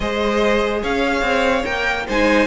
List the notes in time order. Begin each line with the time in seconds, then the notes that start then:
0.00 G#3 G#4 C5 D#5
0.81 C#4 C#5 F5
1.21 C4
1.64 A#3 A#4 G5
2.06 G#3 D#4 C5 G#5